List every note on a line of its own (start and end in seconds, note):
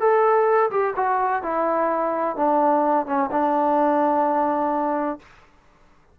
0.00 0.70 A4
0.71 0.94 G4
0.96 1.43 F#4
1.43 2.36 E4
2.36 3.07 D4
3.07 3.30 C#4
3.32 5.19 D4